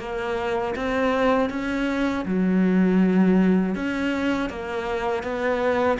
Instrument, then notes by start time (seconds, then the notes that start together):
cello
0.00 A#3
0.76 C4
1.50 C#4
2.25 F#3
3.75 C#4
4.50 A#3
5.23 B3